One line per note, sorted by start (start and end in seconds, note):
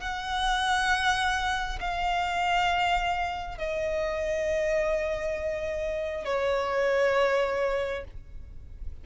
0.00 1.79 F#5
1.80 3.58 F5
3.58 6.25 D#5
6.25 8.04 C#5